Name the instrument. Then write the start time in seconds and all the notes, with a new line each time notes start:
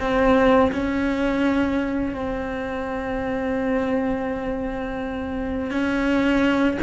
cello
0.00 C4
0.72 C#4
2.14 C4
5.70 C#4